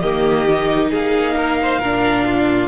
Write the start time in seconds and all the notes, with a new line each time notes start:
0.00 D#3 A#3 G4 D#5
0.48 D#4
0.90 A#3 G#4 F5
1.37 A#4
1.62 C5
1.79 A#2 D4 A#4
2.25 F4